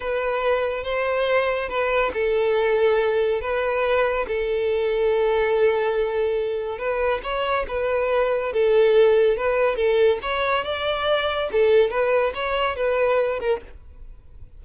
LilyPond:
\new Staff \with { instrumentName = "violin" } { \time 4/4 \tempo 4 = 141 b'2 c''2 | b'4 a'2. | b'2 a'2~ | a'1 |
b'4 cis''4 b'2 | a'2 b'4 a'4 | cis''4 d''2 a'4 | b'4 cis''4 b'4. ais'8 | }